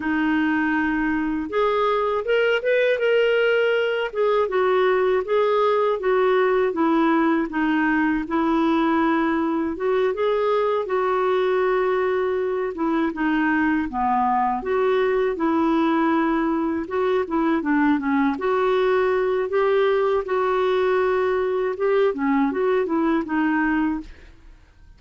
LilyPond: \new Staff \with { instrumentName = "clarinet" } { \time 4/4 \tempo 4 = 80 dis'2 gis'4 ais'8 b'8 | ais'4. gis'8 fis'4 gis'4 | fis'4 e'4 dis'4 e'4~ | e'4 fis'8 gis'4 fis'4.~ |
fis'4 e'8 dis'4 b4 fis'8~ | fis'8 e'2 fis'8 e'8 d'8 | cis'8 fis'4. g'4 fis'4~ | fis'4 g'8 cis'8 fis'8 e'8 dis'4 | }